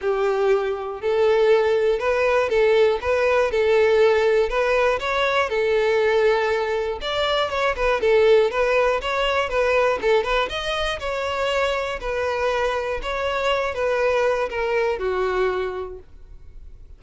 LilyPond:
\new Staff \with { instrumentName = "violin" } { \time 4/4 \tempo 4 = 120 g'2 a'2 | b'4 a'4 b'4 a'4~ | a'4 b'4 cis''4 a'4~ | a'2 d''4 cis''8 b'8 |
a'4 b'4 cis''4 b'4 | a'8 b'8 dis''4 cis''2 | b'2 cis''4. b'8~ | b'4 ais'4 fis'2 | }